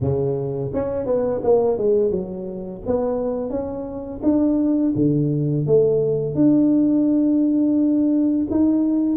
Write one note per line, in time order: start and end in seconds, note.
0.00 0.71 C#3
0.73 1.06 C#4
1.06 1.41 B3
1.43 1.77 A#3
1.77 2.10 G#3
2.10 2.81 F#3
2.86 3.49 B3
3.49 4.20 C#4
4.22 4.93 D4
4.95 5.66 D3
5.66 6.35 A3
6.35 8.46 D4
8.50 9.16 D#4